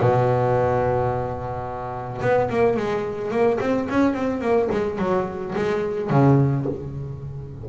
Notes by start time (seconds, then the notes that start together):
0.00 B2
2.21 B3
2.49 A#3
2.77 G#3
3.31 A#3
3.60 C4
3.89 C#4
4.13 C4
4.41 A#3
4.71 G#3
4.98 F#3
5.55 G#3
6.10 C#3